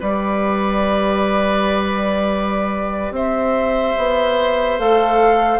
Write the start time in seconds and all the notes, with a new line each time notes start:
0.00 G3 G4 B4 D5
3.11 C4 C5 E5
3.97 B3
4.79 A3 A4 F5